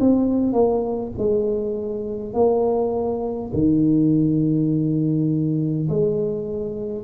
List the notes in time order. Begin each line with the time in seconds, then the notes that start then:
0.00 C4
0.53 A#3
1.18 G#3
2.34 A#3
3.53 D#3
5.89 G#3